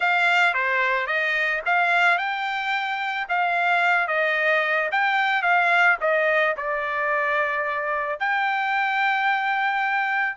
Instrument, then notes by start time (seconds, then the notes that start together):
trumpet
0.00 F5
0.54 C5
1.06 D#5
1.65 F5
2.18 G5
3.29 F5
4.07 D#5
4.91 G5
5.42 F5
6.00 D#5
6.57 D5
8.19 G5